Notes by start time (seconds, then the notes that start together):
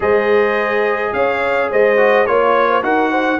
0.00 G#3 G#4 C5 D#5
1.12 C#4 C#5 F5
1.70 G#3 C5 D#5
1.97 F#4
2.26 A#3 F4 C#5
2.68 C5
2.82 D#4 F#4 A#4 F#5
3.10 C5